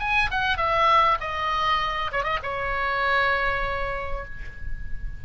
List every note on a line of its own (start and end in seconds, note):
0.00 0.30 G#5
0.31 0.58 F#5
0.58 1.18 E5
1.21 2.12 D#5
2.12 2.24 C#5
2.24 2.39 D#5
2.44 4.25 C#5